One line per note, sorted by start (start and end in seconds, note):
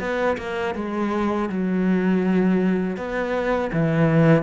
0.00 0.37 B3
0.38 0.75 A#3
0.75 1.49 G#3
1.49 2.97 F#3
2.97 3.71 B3
3.73 4.43 E3